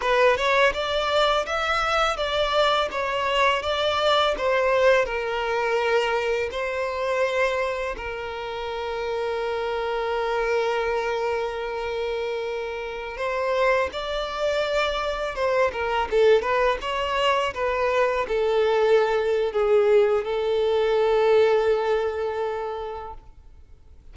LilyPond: \new Staff \with { instrumentName = "violin" } { \time 4/4 \tempo 4 = 83 b'8 cis''8 d''4 e''4 d''4 | cis''4 d''4 c''4 ais'4~ | ais'4 c''2 ais'4~ | ais'1~ |
ais'2~ ais'16 c''4 d''8.~ | d''4~ d''16 c''8 ais'8 a'8 b'8 cis''8.~ | cis''16 b'4 a'4.~ a'16 gis'4 | a'1 | }